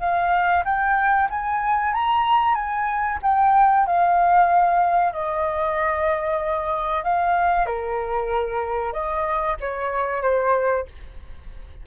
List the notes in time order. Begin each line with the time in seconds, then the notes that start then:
0.00 F5
0.65 G5
1.30 G#5
1.94 A#5
2.55 G#5
3.23 G5
3.86 F5
5.13 D#5
7.04 F5
7.66 A#4
8.93 D#5
9.60 C#5
10.22 C5